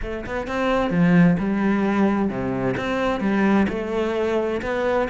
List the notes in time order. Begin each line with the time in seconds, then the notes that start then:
0.02 A3
0.25 B3
0.47 C4
0.90 F3
1.38 G3
2.29 C3
2.77 C4
3.20 G3
3.69 A3
4.62 B3